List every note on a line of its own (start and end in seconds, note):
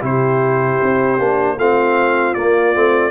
0.00 0.80 C3
0.00 1.17 E4
0.00 1.56 G4
0.00 1.58 C5
0.81 1.18 C4
1.18 1.56 A#3
1.18 1.56 D4
1.56 2.34 A3
1.56 2.36 C4
1.56 3.10 F4
1.56 2.34 F5
2.34 2.73 A#3
2.34 2.75 A#3
2.34 3.10 D5
2.73 3.10 A3
2.73 3.10 C4